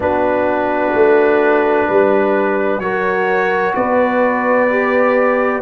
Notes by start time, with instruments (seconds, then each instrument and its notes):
0.00 tuba B3, trombone D4, horn F#4, trumpet B4
0.94 tuba A3
1.88 tuba G3, horn B4
2.78 tuba F#3, trombone F#4, horn A#4, trumpet C#5
3.74 tuba B3, horn B4, trumpet D5
4.69 trombone G4